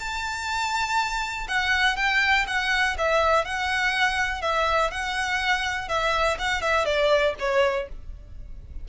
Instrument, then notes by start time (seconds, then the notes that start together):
violin
0.00 A5
1.48 F#5
1.97 G5
2.47 F#5
2.98 E5
3.45 F#5
4.42 E5
4.91 F#5
5.89 E5
6.39 F#5
6.62 E5
6.86 D5
7.39 C#5